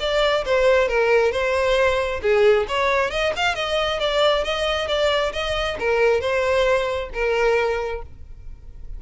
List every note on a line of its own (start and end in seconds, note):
0.00 0.44 D5
0.45 0.88 C5
0.88 1.32 A#4
1.32 2.21 C5
2.22 2.67 G#4
2.68 3.11 C#5
3.11 3.33 D#5
3.36 3.55 F5
3.55 4.00 D#5
4.00 4.44 D5
4.44 4.88 D#5
4.88 5.32 D5
5.33 5.77 D#5
5.79 6.21 A#4
6.21 7.09 C5
7.13 8.02 A#4